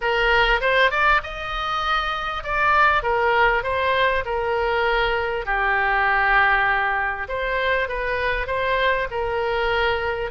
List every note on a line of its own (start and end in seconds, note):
0.01 0.60 A#4
0.60 0.91 C5
0.91 1.21 D5
1.23 2.43 D#5
2.43 3.02 D5
3.02 3.63 A#4
3.63 4.23 C5
4.25 5.45 A#4
5.45 7.27 G4
7.28 7.88 C5
7.88 8.47 B4
8.47 9.07 C5
9.10 10.30 A#4